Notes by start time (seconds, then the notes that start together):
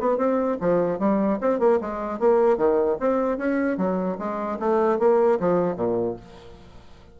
0.00 B3
0.18 C4
0.61 F3
0.99 G3
1.41 C4
1.59 A#3
1.81 G#3
2.19 A#3
2.57 D#3
3.00 C4
3.38 C#4
3.78 F#3
4.19 G#3
4.60 A3
4.99 A#3
5.40 F3
5.76 A#2